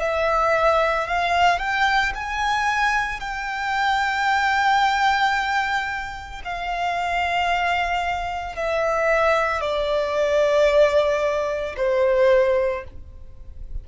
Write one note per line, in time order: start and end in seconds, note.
0.00 1.07 E5
1.08 1.59 F5
1.59 2.13 G5
2.15 3.20 G#5
3.20 6.42 G5
6.45 8.56 F5
8.56 9.61 E5
9.61 11.75 D5
11.77 12.84 C5